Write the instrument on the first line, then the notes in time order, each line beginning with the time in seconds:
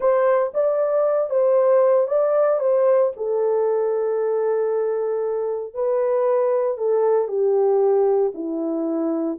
horn
0.00 C5
0.54 D5
1.29 C5
2.07 D5
2.59 C5
3.16 A4
5.73 B4
6.77 A4
7.28 G4
8.34 E4